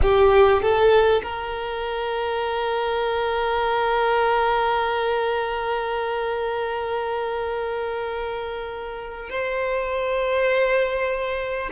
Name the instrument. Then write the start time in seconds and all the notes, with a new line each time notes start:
violin
0.02 G4
0.62 A4
1.23 A#4
9.29 C5